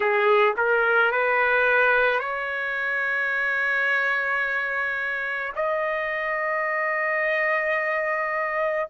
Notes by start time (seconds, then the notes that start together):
0.00 G#4
0.56 A#4
1.11 B4
2.19 C#5
5.56 D#5